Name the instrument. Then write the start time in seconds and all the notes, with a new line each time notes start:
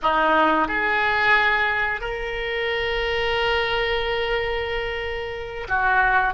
oboe
0.02 D#4
0.68 G#4
2.00 A#4
5.68 F#4